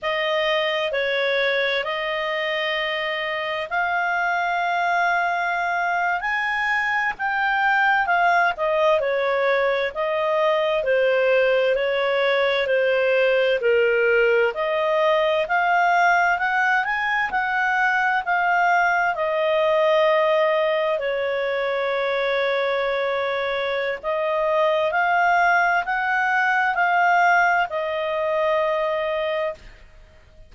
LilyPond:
\new Staff \with { instrumentName = "clarinet" } { \time 4/4 \tempo 4 = 65 dis''4 cis''4 dis''2 | f''2~ f''8. gis''4 g''16~ | g''8. f''8 dis''8 cis''4 dis''4 c''16~ | c''8. cis''4 c''4 ais'4 dis''16~ |
dis''8. f''4 fis''8 gis''8 fis''4 f''16~ | f''8. dis''2 cis''4~ cis''16~ | cis''2 dis''4 f''4 | fis''4 f''4 dis''2 | }